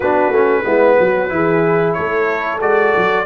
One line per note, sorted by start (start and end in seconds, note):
0.00 0.30 B3
0.00 0.33 D4
0.00 0.62 F#4
0.00 1.93 B4
0.30 0.62 A3
0.30 0.64 C#4
0.64 0.97 G#3
0.64 1.29 B3
0.64 0.98 E4
0.99 1.30 F#3
0.99 1.33 F#4
1.29 1.95 E3
1.29 2.59 E4
1.29 1.96 G#4
1.93 2.61 A3
1.93 3.25 A4
1.93 2.58 C#5
2.61 2.94 G#3
2.61 3.25 F#4
2.61 3.25 D5
2.96 3.25 F#3